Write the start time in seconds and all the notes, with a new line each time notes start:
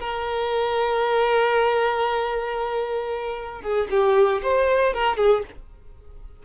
0.00 A#4
3.62 G#4
3.91 G4
4.42 C5
4.93 A#4
5.17 G#4